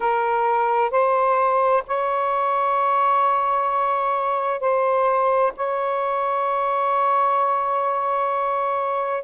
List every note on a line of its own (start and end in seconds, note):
0.00 0.91 A#4
0.91 1.83 C5
1.87 4.60 C#5
4.60 5.52 C5
5.56 9.23 C#5